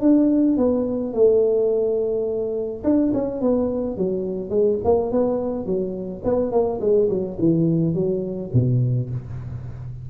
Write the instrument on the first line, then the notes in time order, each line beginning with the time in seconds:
tuba
0.00 D4
0.57 B3
1.13 A3
2.84 D4
3.13 C#4
3.41 B3
3.97 F#3
4.49 G#3
4.84 A#3
5.11 B3
5.65 F#3
6.24 B3
6.51 A#3
6.80 G#3
7.09 F#3
7.39 E3
7.94 F#3
8.53 B2